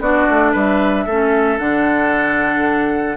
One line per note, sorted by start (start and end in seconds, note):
0.00 0.27 B3
0.00 1.09 D4
0.00 0.53 F#4
0.00 0.55 D5
0.30 0.55 A3
0.53 1.06 G3
0.53 1.06 B4
0.53 1.59 E5
1.06 1.60 A3
1.06 1.59 C#4
1.06 3.18 A4
1.59 3.18 D3
1.59 3.18 D4
1.59 3.18 F#5